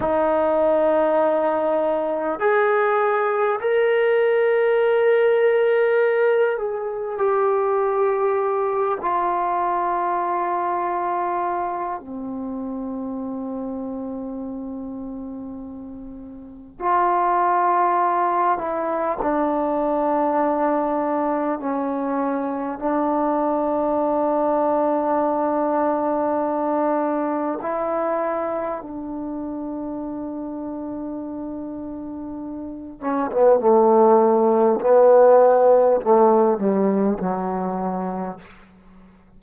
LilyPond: \new Staff \with { instrumentName = "trombone" } { \time 4/4 \tempo 4 = 50 dis'2 gis'4 ais'4~ | ais'4. gis'8 g'4. f'8~ | f'2 c'2~ | c'2 f'4. e'8 |
d'2 cis'4 d'4~ | d'2. e'4 | d'2.~ d'8 cis'16 b16 | a4 b4 a8 g8 fis4 | }